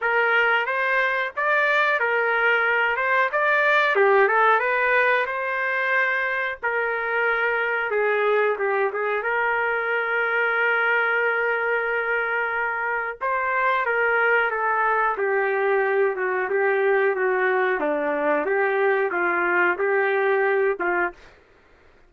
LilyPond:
\new Staff \with { instrumentName = "trumpet" } { \time 4/4 \tempo 4 = 91 ais'4 c''4 d''4 ais'4~ | ais'8 c''8 d''4 g'8 a'8 b'4 | c''2 ais'2 | gis'4 g'8 gis'8 ais'2~ |
ais'1 | c''4 ais'4 a'4 g'4~ | g'8 fis'8 g'4 fis'4 d'4 | g'4 f'4 g'4. f'8 | }